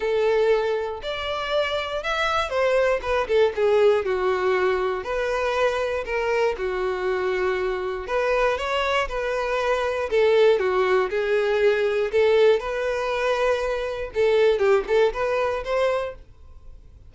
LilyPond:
\new Staff \with { instrumentName = "violin" } { \time 4/4 \tempo 4 = 119 a'2 d''2 | e''4 c''4 b'8 a'8 gis'4 | fis'2 b'2 | ais'4 fis'2. |
b'4 cis''4 b'2 | a'4 fis'4 gis'2 | a'4 b'2. | a'4 g'8 a'8 b'4 c''4 | }